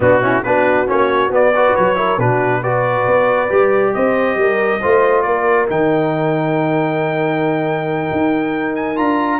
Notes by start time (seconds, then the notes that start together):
0.00 B2 B3 D4 F#4
0.21 C#4 E4
0.43 B3 D4 F#4 B4
0.86 A#3 C#4 C#5
1.29 B3 D5
1.54 F#4 B4
1.75 F#3 C#5
1.95 E4 A#4
2.17 B2 D4 F#4 B4
2.60 F#4 B4 D5
3.06 B3
3.49 G3 G4
3.94 C4 C5 D#5
4.36 G3 A#4
4.81 A3 F4 C5
5.22 A#3 A#4 D5
5.68 D#3 D#4 G5
8.11 D#4
8.75 G#5
8.96 D4 F4 A#5